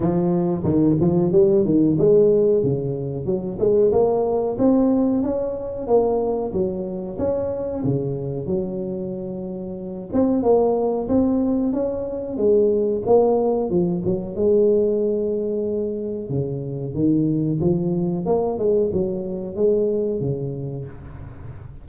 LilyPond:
\new Staff \with { instrumentName = "tuba" } { \time 4/4 \tempo 4 = 92 f4 dis8 f8 g8 dis8 gis4 | cis4 fis8 gis8 ais4 c'4 | cis'4 ais4 fis4 cis'4 | cis4 fis2~ fis8 c'8 |
ais4 c'4 cis'4 gis4 | ais4 f8 fis8 gis2~ | gis4 cis4 dis4 f4 | ais8 gis8 fis4 gis4 cis4 | }